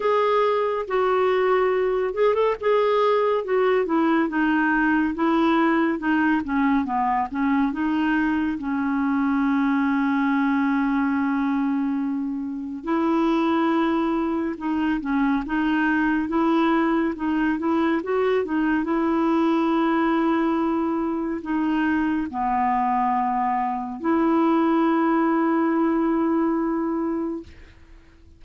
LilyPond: \new Staff \with { instrumentName = "clarinet" } { \time 4/4 \tempo 4 = 70 gis'4 fis'4. gis'16 a'16 gis'4 | fis'8 e'8 dis'4 e'4 dis'8 cis'8 | b8 cis'8 dis'4 cis'2~ | cis'2. e'4~ |
e'4 dis'8 cis'8 dis'4 e'4 | dis'8 e'8 fis'8 dis'8 e'2~ | e'4 dis'4 b2 | e'1 | }